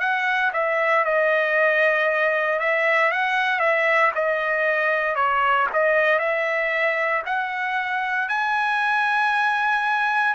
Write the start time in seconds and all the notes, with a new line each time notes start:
0.00 F#5
0.53 E5
1.05 D#5
2.60 E5
3.12 F#5
3.60 E5
4.15 D#5
5.15 C#5
5.73 D#5
6.19 E5
7.26 F#5
8.29 G#5